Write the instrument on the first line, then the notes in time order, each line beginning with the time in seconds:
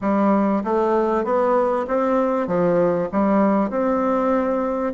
bassoon
0.01 G3
0.64 A3
1.24 B3
1.87 C4
2.47 F3
3.12 G3
3.70 C4